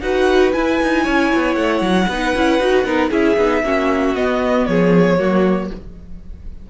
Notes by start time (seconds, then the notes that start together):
0.00 D#4 F#4 B4 F#5
0.53 E4 G#5
0.83 D#4
1.04 C#4 C#5
1.35 B3
1.55 A3 F#5
1.81 F#3
2.08 B3 D#4 B4
2.35 C#4 E4
2.60 D#4 F#4
2.84 B3 D#4 A#4
3.10 C#4 E4 G#4 E5
3.37 B3 D#4
3.64 A#3 C#4 F#4
4.15 B3 D#5
4.66 F3 G#4 C#5
5.18 F#3 A#3 F#4